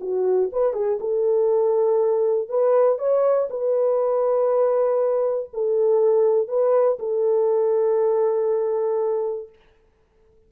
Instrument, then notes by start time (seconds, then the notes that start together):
horn
0.00 F#4
0.52 B4
0.73 G#4
1.00 A4
2.48 B4
2.98 C#5
3.50 B4
5.53 A4
6.48 B4
6.99 A4